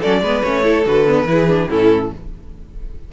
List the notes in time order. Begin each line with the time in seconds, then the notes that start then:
0.00 F#3 C#4 A4 D5
0.21 G#3 B3 B4
0.43 A3 C#4 C#5
0.63 E4 A4
0.85 D3 F#4 B4
1.06 B3
1.25 E3 E4 G#4
1.48 D4
1.69 A2 C#4 E4 A4